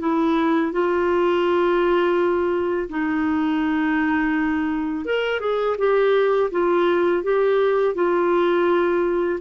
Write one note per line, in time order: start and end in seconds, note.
0.00 0.72 E4
0.72 2.89 F4
2.89 5.05 D#4
5.05 5.40 A#4
5.40 5.76 G#4
5.78 6.51 G4
6.52 7.23 F4
7.23 7.95 G4
7.95 9.40 F4